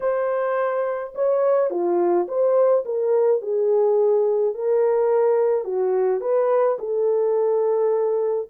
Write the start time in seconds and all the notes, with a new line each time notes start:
0.00 C5
1.14 C#5
1.70 F4
2.27 C5
2.85 A#4
3.41 G#4
4.54 A#4
5.64 F#4
6.20 B4
6.78 A4